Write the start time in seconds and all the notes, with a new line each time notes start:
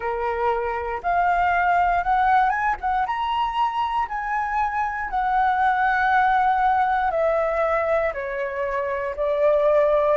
0.00 A#4
1.02 F5
2.03 F#5
2.49 G#5
2.80 F#5
3.06 A#5
4.08 G#5
5.10 F#5
7.10 E5
8.13 C#5
9.15 D5